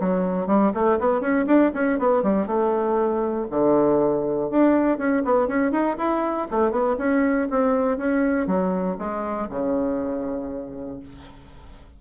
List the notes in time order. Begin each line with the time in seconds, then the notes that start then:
0.00 F#3
0.47 G3
0.74 A3
0.99 B3
1.21 C#4
1.47 D4
1.74 C#4
1.99 B3
2.23 G3
2.47 A3
3.50 D3
4.51 D4
4.98 C#4
5.25 B3
5.47 C#4
5.71 D#4
5.98 E4
6.51 A3
6.71 B3
6.98 C#4
7.50 C4
7.98 C#4
8.47 F#3
8.98 G#3
9.50 C#3